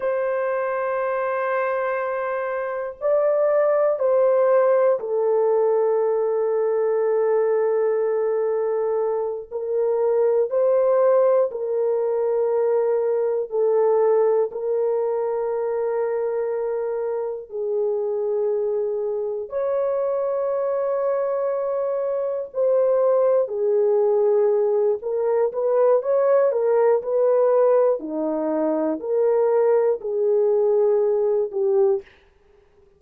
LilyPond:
\new Staff \with { instrumentName = "horn" } { \time 4/4 \tempo 4 = 60 c''2. d''4 | c''4 a'2.~ | a'4. ais'4 c''4 ais'8~ | ais'4. a'4 ais'4.~ |
ais'4. gis'2 cis''8~ | cis''2~ cis''8 c''4 gis'8~ | gis'4 ais'8 b'8 cis''8 ais'8 b'4 | dis'4 ais'4 gis'4. g'8 | }